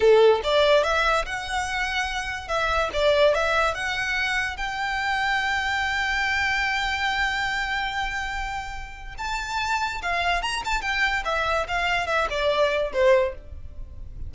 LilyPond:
\new Staff \with { instrumentName = "violin" } { \time 4/4 \tempo 4 = 144 a'4 d''4 e''4 fis''4~ | fis''2 e''4 d''4 | e''4 fis''2 g''4~ | g''1~ |
g''1~ | g''2 a''2 | f''4 ais''8 a''8 g''4 e''4 | f''4 e''8 d''4. c''4 | }